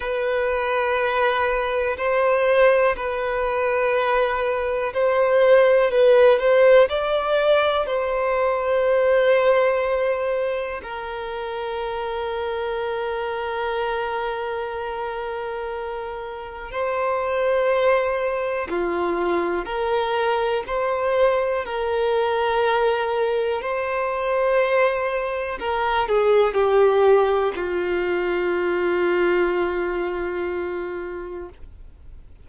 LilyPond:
\new Staff \with { instrumentName = "violin" } { \time 4/4 \tempo 4 = 61 b'2 c''4 b'4~ | b'4 c''4 b'8 c''8 d''4 | c''2. ais'4~ | ais'1~ |
ais'4 c''2 f'4 | ais'4 c''4 ais'2 | c''2 ais'8 gis'8 g'4 | f'1 | }